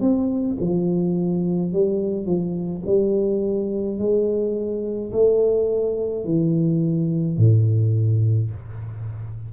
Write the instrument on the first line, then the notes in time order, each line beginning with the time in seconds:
tuba
0.00 C4
0.60 F3
1.72 G3
2.25 F3
2.86 G3
3.98 G#3
5.11 A3
6.24 E3
7.37 A2